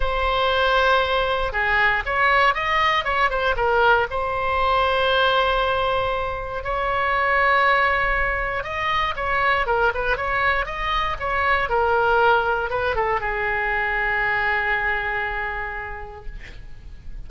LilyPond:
\new Staff \with { instrumentName = "oboe" } { \time 4/4 \tempo 4 = 118 c''2. gis'4 | cis''4 dis''4 cis''8 c''8 ais'4 | c''1~ | c''4 cis''2.~ |
cis''4 dis''4 cis''4 ais'8 b'8 | cis''4 dis''4 cis''4 ais'4~ | ais'4 b'8 a'8 gis'2~ | gis'1 | }